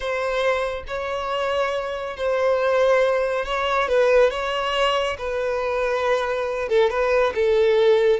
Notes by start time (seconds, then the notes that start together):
0.00 C5
0.87 C#5
2.16 C5
3.45 C#5
3.88 B4
4.30 C#5
5.17 B4
6.68 A4
6.89 B4
7.34 A4